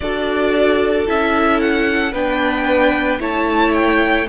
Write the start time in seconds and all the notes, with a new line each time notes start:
0.00 D4 F#4 A4 D5
1.06 C#4 E4 E5
1.60 F#5
2.11 B3 D4 B4 G5
3.19 A3 E4 C#5 A5
3.74 G5